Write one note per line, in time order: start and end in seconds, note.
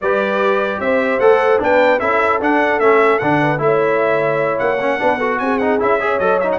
0.01 0.79 G3
0.01 1.20 G4
0.01 0.81 B4
0.01 0.80 D5
0.79 1.19 C4
0.79 1.63 C5
0.79 1.19 E5
1.19 1.60 A3
1.19 1.59 A4
1.19 1.59 F#5
1.59 2.00 B3
1.59 1.99 D4
1.59 2.00 B4
1.59 1.99 G5
1.99 2.40 C#4
1.99 2.40 E4
1.99 3.40 A4
1.99 2.39 E5
2.40 2.79 D4
2.40 2.81 D4
2.40 2.79 F#5
2.79 3.19 A3
2.79 3.21 C#4
2.79 3.18 E5
3.18 3.59 D3
3.18 3.58 D4
3.18 3.58 F#5
3.41 3.61 B4
3.58 4.58 A3
3.58 4.78 E4
3.58 4.58 E5
3.65 5.00 C#5
4.58 5.00 A#3
4.58 5.38 F#5
4.80 4.99 C#4
4.99 5.40 B3
4.99 5.19 D4
4.99 5.17 B4
5.17 5.60 F#4
5.17 5.37 A4
5.38 5.80 C4
5.38 6.02 G#4
5.38 5.58 G#5
5.58 5.79 D#4
5.58 5.78 F#5
5.79 6.18 C#4
5.79 5.99 E4
5.79 6.19 E5
6.00 6.20 G#4
6.00 6.58 C#5
6.18 6.58 F#3
6.18 6.40 A4
6.18 6.39 D#5
6.39 6.58 D#4
6.39 6.49 E5
6.52 6.58 F#5